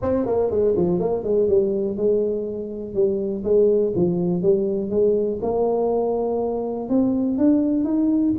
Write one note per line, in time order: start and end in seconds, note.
0.01 0.25 C4
0.25 0.50 A#3
0.50 0.74 G#3
0.76 0.99 F3
0.99 1.23 A#3
1.23 1.48 G#3
1.48 1.96 G3
1.96 2.94 G#3
2.94 3.43 G3
3.44 3.93 G#3
3.95 4.42 F3
4.42 4.90 G3
4.90 5.39 G#3
5.42 6.89 A#3
6.89 7.38 C4
7.38 7.84 D4
7.84 8.33 D#4